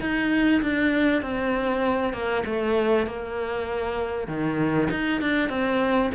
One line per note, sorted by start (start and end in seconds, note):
0.00 0.61 D#4
0.62 1.22 D4
1.22 2.13 C4
2.13 2.43 A#3
2.45 3.06 A3
3.06 4.27 A#3
4.27 4.88 D#3
4.90 5.21 D#4
5.21 5.49 D4
5.49 6.10 C4